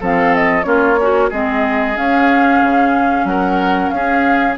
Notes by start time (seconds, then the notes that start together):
0.00 F3 C4 A4 F5
0.35 D#5
0.63 A#3 C#4 F4 C#5
0.99 C#4 F#4
1.30 G#3 C4 G#4 D#5
1.95 C#4 F5
2.62 C#3
3.24 F#3 A#4 F#5
3.89 C#4 G#4 F5